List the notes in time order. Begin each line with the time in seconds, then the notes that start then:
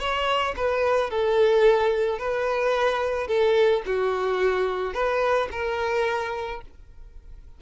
0.00 C#5
0.57 B4
1.11 A4
2.19 B4
3.28 A4
3.86 F#4
4.94 B4
5.51 A#4